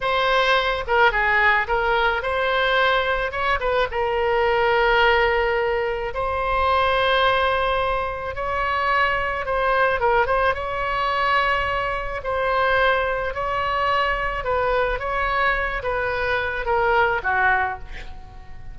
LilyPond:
\new Staff \with { instrumentName = "oboe" } { \time 4/4 \tempo 4 = 108 c''4. ais'8 gis'4 ais'4 | c''2 cis''8 b'8 ais'4~ | ais'2. c''4~ | c''2. cis''4~ |
cis''4 c''4 ais'8 c''8 cis''4~ | cis''2 c''2 | cis''2 b'4 cis''4~ | cis''8 b'4. ais'4 fis'4 | }